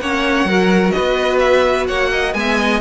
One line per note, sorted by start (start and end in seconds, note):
0.00 0.44 A#3
0.00 0.48 C#4
0.00 0.48 C#5
0.00 0.91 F#5
0.44 0.91 F#3
0.44 2.33 F#4
0.44 0.93 A#4
0.91 1.86 B4
0.91 1.38 D#5
0.98 1.88 B3
1.39 1.86 E5
1.86 2.34 A#3
1.86 2.10 C#5
1.86 2.33 F#5
2.11 2.34 D#5
2.33 2.80 G#3
2.33 2.80 B3
2.33 2.80 G#5
2.39 2.59 E5
2.59 2.80 D#5